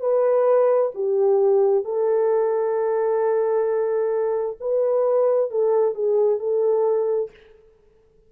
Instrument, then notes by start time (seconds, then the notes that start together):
horn
0.00 B4
0.94 G4
1.84 A4
4.60 B4
5.50 A4
5.94 G#4
6.39 A4